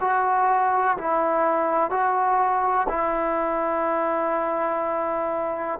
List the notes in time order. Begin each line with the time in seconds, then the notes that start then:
0.00 F#4
0.97 E4
1.90 F#4
2.89 E4